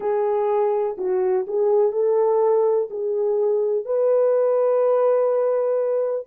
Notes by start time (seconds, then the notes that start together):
0.00 G#4
0.97 F#4
1.47 G#4
1.92 A4
2.90 G#4
3.85 B4